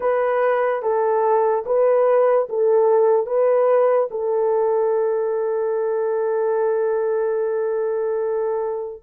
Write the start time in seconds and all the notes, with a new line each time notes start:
0.00 B4
0.82 A4
1.66 B4
2.49 A4
3.26 B4
4.11 A4